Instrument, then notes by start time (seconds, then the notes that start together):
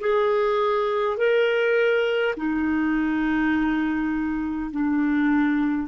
clarinet
0.00 G#4
1.18 A#4
2.37 D#4
4.71 D4